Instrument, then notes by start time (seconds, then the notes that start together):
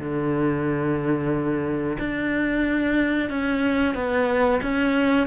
cello
0.00 D3
1.99 D4
3.30 C#4
3.95 B3
4.63 C#4